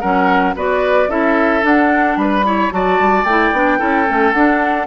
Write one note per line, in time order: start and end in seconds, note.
0.00 0.55 F#3
0.00 0.55 C#4
0.00 0.54 A#4
0.00 0.54 F#5
0.55 1.08 B3
0.55 1.09 F#4
0.55 1.09 B4
0.55 1.10 D5
1.08 1.62 C#4
1.08 1.62 E4
1.08 2.17 A4
1.08 1.64 E5
1.62 2.43 D4
1.62 2.16 D4
1.62 2.17 F#5
2.16 2.70 G3
2.16 2.46 B4
2.16 2.71 B5
2.44 2.70 E4
2.44 2.73 C#5
2.70 2.99 F#3
2.70 3.24 F#4
2.70 3.78 D5
2.70 3.24 A5
2.99 3.24 G3
3.24 3.51 A3
3.24 3.55 E4
3.24 4.32 G5
3.52 3.79 B3
3.52 3.78 D4
3.78 4.08 C#4
3.78 4.06 E4
3.78 4.86 A4
4.07 4.33 A3
4.07 4.34 C#4
4.32 4.87 D4
4.32 4.86 F#5